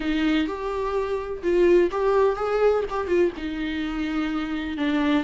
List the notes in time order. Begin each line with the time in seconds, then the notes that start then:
0.00 D#4
0.47 G4
1.42 F4
1.91 G4
2.35 G#4
2.89 G4
3.07 F4
3.36 D#4
4.77 D4